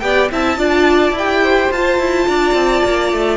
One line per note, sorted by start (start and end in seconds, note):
0.00 0.30 B3
0.00 0.30 G4
0.00 0.32 D5
0.00 0.28 G5
0.30 0.57 C4
0.30 0.58 E4
0.30 0.58 E5
0.30 1.18 A5
0.57 1.11 D4
0.57 1.14 F4
0.57 1.43 D5
1.11 1.68 E4
1.18 1.74 G4
1.18 1.72 G5
1.43 2.28 C5
1.71 1.99 F4
1.71 3.37 F4
1.71 3.37 A5
1.99 2.27 E4
2.28 2.54 D4
2.28 3.37 D5
2.54 2.83 C4
2.85 3.12 A#3
3.12 3.37 A3